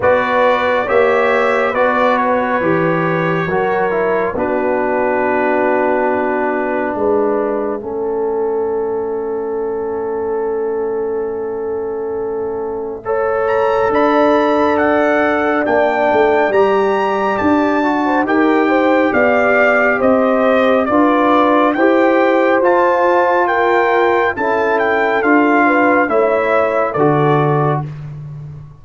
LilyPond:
<<
  \new Staff \with { instrumentName = "trumpet" } { \time 4/4 \tempo 4 = 69 d''4 e''4 d''8 cis''4.~ | cis''4 b'2. | e''1~ | e''2.~ e''8 ais''8 |
b''4 fis''4 g''4 ais''4 | a''4 g''4 f''4 dis''4 | d''4 g''4 a''4 g''4 | a''8 g''8 f''4 e''4 d''4 | }
  \new Staff \with { instrumentName = "horn" } { \time 4/4 b'4 cis''4 b'2 | ais'4 fis'2. | b'4 a'2.~ | a'2. cis''4 |
d''1~ | d''8. c''16 ais'8 c''8 d''4 c''4 | b'4 c''2 ais'4 | a'4. b'8 cis''4 a'4 | }
  \new Staff \with { instrumentName = "trombone" } { \time 4/4 fis'4 g'4 fis'4 g'4 | fis'8 e'8 d'2.~ | d'4 cis'2.~ | cis'2. a'4~ |
a'2 d'4 g'4~ | g'8 fis'8 g'2. | f'4 g'4 f'2 | e'4 f'4 e'4 fis'4 | }
  \new Staff \with { instrumentName = "tuba" } { \time 4/4 b4 ais4 b4 e4 | fis4 b2. | gis4 a2.~ | a1 |
d'2 ais8 a8 g4 | d'4 dis'4 b4 c'4 | d'4 e'4 f'2 | cis'4 d'4 a4 d4 | }
>>